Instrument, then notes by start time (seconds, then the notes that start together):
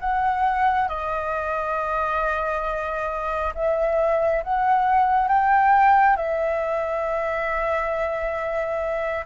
flute
0.00 F#5
0.88 D#5
3.55 E5
4.44 F#5
5.28 G5
6.16 E5